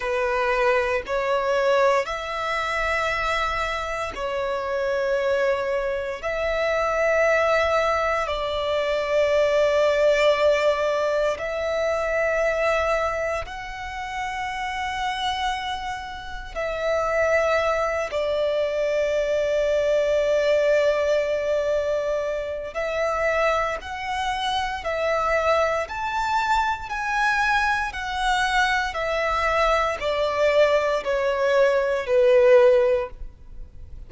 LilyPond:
\new Staff \with { instrumentName = "violin" } { \time 4/4 \tempo 4 = 58 b'4 cis''4 e''2 | cis''2 e''2 | d''2. e''4~ | e''4 fis''2. |
e''4. d''2~ d''8~ | d''2 e''4 fis''4 | e''4 a''4 gis''4 fis''4 | e''4 d''4 cis''4 b'4 | }